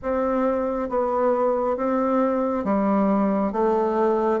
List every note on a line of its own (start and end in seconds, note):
0.02 0.89 C4
0.89 1.76 B3
1.76 2.64 C4
2.64 3.52 G3
3.52 4.40 A3